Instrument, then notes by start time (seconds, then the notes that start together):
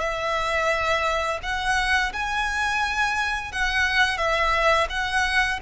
violin
0.00 E5
1.43 F#5
2.13 G#5
3.52 F#5
4.18 E5
4.90 F#5